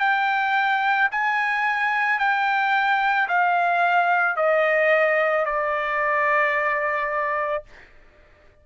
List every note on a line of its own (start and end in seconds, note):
0.00 1.09 G5
1.12 2.19 G#5
2.19 3.28 G5
3.28 4.36 F5
4.36 5.45 D#5
5.45 7.64 D5